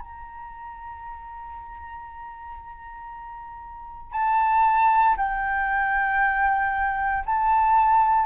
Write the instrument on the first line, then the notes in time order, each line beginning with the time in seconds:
flute
0.00 A#5
4.13 A5
5.17 G5
7.26 A5